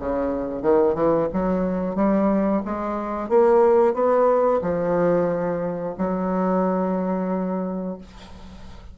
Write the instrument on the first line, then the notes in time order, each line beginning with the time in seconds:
bassoon
0.00 C#3
0.63 D#3
0.95 E3
1.33 F#3
1.96 G3
2.65 G#3
3.30 A#3
3.94 B3
4.62 F3
5.98 F#3